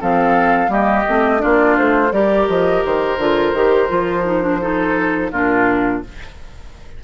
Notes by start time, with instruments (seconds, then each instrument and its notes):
0.00 bassoon F3, clarinet C4, oboe A4, flute F5
0.67 bassoon G3, clarinet A#3, oboe G4, flute D#5
1.08 bassoon A3, clarinet C4
1.38 bassoon A#3, clarinet D4, oboe F4, flute D5
1.77 bassoon A3, flute C5
2.12 bassoon G3, clarinet G4, oboe A#4, flute D5
2.48 bassoon F3, flute D#5
2.84 bassoon D#3, flute C5
3.18 bassoon D3, clarinet F4
3.53 bassoon D#3, clarinet G4
3.88 bassoon F3, clarinet F4
4.24 clarinet D#4
4.41 clarinet D4
4.60 clarinet D#4, oboe A4
5.31 bassoon A#2, clarinet D4, oboe F4, flute A#4